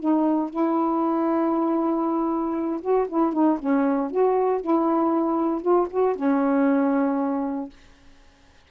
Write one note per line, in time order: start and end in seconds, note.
0.00 0.51 D#4
0.51 2.81 E4
2.82 3.07 F#4
3.09 3.34 E4
3.34 3.59 D#4
3.60 4.11 C#4
4.11 4.62 F#4
4.62 5.62 E4
5.62 5.88 F4
5.91 6.16 F#4
6.16 7.70 C#4